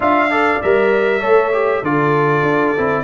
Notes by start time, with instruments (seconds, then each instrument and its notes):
0.00 tuba D4, trombone F4, horn E5, trumpet F5
0.30 trombone A4, horn D5
0.62 tuba G3, trombone A#4, trumpet E5
1.20 tuba A3, trombone A4, horn C#5
1.52 trombone G4
1.82 tuba D3, trombone F4, horn A4, trumpet D5
2.42 tuba D4
2.77 tuba C4, trombone E4